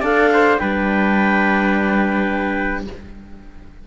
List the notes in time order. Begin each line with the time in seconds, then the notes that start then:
0.00 D4 A4 D5 F5
0.33 C5
0.57 G3 D4 B4 G5